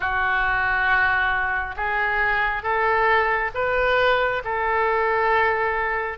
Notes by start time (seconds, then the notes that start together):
0.00 F#4
1.76 G#4
2.62 A4
3.54 B4
4.44 A4